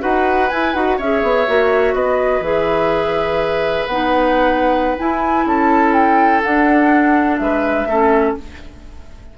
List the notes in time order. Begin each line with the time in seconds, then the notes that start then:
0.00 D#4 F#4 B4 F#5
0.49 E4 G#5
0.74 D#4 F#4 F#5
0.97 C#4 G#4 C#5 E5
1.22 B3
1.47 A#3 F#4
1.94 B3 B4 D#5
2.40 E3 G#4 E5
3.87 B3 D#4 F#5
4.98 E4 G#5
5.46 C#4 A4 A5
5.93 G5
6.43 D4 F#5
7.37 G#3 B4 E5
7.86 A3 C#4 A4